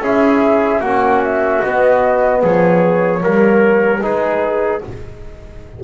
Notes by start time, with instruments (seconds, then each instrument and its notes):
0.00 double bass C#4, trombone E4, trumpet G#4, flute E5
0.80 double bass A#3, trombone C#4, trumpet F#4, flute F#5
1.24 flute E5
1.62 double bass B3, trombone B3, flute D#5
2.43 double bass F3, trumpet G#4, flute C#5
3.20 double bass G3, trombone A#3, trumpet A#4
4.02 double bass G#3, trombone D#4, trumpet G#4, flute B4